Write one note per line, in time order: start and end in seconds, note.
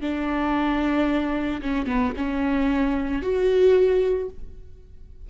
0.00 1.61 D4
1.61 1.86 C#4
1.86 2.12 B3
2.16 3.21 C#4
3.21 4.29 F#4